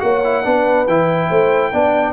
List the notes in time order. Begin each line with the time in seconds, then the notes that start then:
0.00 A#3 F#4 C#5 F#5
0.24 E4
0.44 B3 D4 B4
0.87 E3 E4 G5
1.28 A3 C5
1.73 B3 D4 D5